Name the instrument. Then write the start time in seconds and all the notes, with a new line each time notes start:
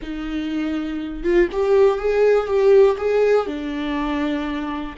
viola
0.02 D#4
1.23 F4
1.51 G4
1.98 G#4
2.46 G4
2.97 G#4
3.46 D4